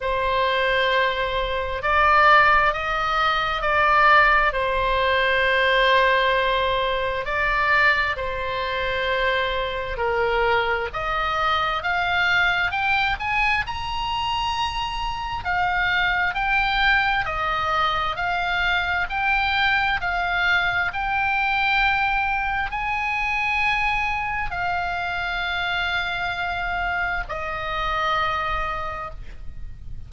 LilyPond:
\new Staff \with { instrumentName = "oboe" } { \time 4/4 \tempo 4 = 66 c''2 d''4 dis''4 | d''4 c''2. | d''4 c''2 ais'4 | dis''4 f''4 g''8 gis''8 ais''4~ |
ais''4 f''4 g''4 dis''4 | f''4 g''4 f''4 g''4~ | g''4 gis''2 f''4~ | f''2 dis''2 | }